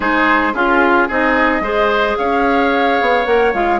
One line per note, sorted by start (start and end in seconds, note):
0.00 0.54 G#3
0.00 0.53 D#4
0.00 0.53 G#4
0.00 0.54 C5
0.54 1.08 C#4
0.54 1.08 F4
0.54 1.09 F4
0.54 1.08 G#4
1.08 1.60 C4
1.08 1.62 D#4
1.08 1.62 G#4
1.08 2.17 D#5
1.60 2.15 G#3
1.60 3.25 G#4
1.60 2.17 C5
2.17 3.01 C#4
2.17 3.80 C#5
2.17 3.25 F5
3.01 3.26 B3
3.25 3.53 A#3
3.25 3.53 A#4
3.25 3.52 F#5
3.53 3.80 G#3
3.53 3.80 F4
3.53 3.80 F5